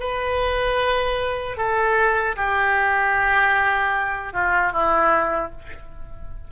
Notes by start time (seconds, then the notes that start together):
0.00 B4
1.57 A4
2.36 G4
4.33 F4
4.73 E4